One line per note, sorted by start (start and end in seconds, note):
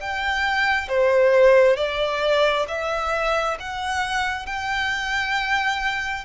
0.00 0.88 G5
0.88 1.76 C5
1.76 2.65 D5
2.68 3.57 E5
3.59 4.46 F#5
4.46 6.24 G5